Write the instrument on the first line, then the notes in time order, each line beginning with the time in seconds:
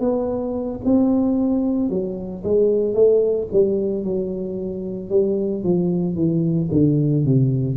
tuba
0.00 B3
0.85 C4
1.89 F#3
2.44 G#3
2.94 A3
3.53 G3
4.04 F#3
5.10 G3
5.64 F3
6.16 E3
6.72 D3
7.25 C3